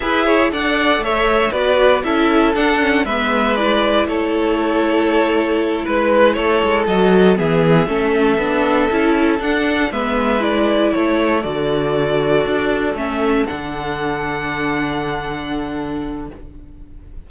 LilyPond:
<<
  \new Staff \with { instrumentName = "violin" } { \time 4/4 \tempo 4 = 118 e''4 fis''4 e''4 d''4 | e''4 fis''4 e''4 d''4 | cis''2.~ cis''8 b'8~ | b'8 cis''4 dis''4 e''4.~ |
e''2~ e''8 fis''4 e''8~ | e''8 d''4 cis''4 d''4.~ | d''4. e''4 fis''4.~ | fis''1 | }
  \new Staff \with { instrumentName = "violin" } { \time 4/4 b'8 cis''8 d''4 cis''4 b'4 | a'2 b'2 | a'2.~ a'8 b'8~ | b'8 a'2 gis'4 a'8~ |
a'2.~ a'8 b'8~ | b'4. a'2~ a'8~ | a'1~ | a'1 | }
  \new Staff \with { instrumentName = "viola" } { \time 4/4 gis'4 a'2 fis'4 | e'4 d'8 cis'8 b4 e'4~ | e'1~ | e'4. fis'4 b4 cis'8~ |
cis'8 d'4 e'4 d'4 b8~ | b8 e'2 fis'4.~ | fis'4. cis'4 d'4.~ | d'1 | }
  \new Staff \with { instrumentName = "cello" } { \time 4/4 e'4 d'4 a4 b4 | cis'4 d'4 gis2 | a2.~ a8 gis8~ | gis8 a8 gis8 fis4 e4 a8~ |
a8 b4 cis'4 d'4 gis8~ | gis4. a4 d4.~ | d8 d'4 a4 d4.~ | d1 | }
>>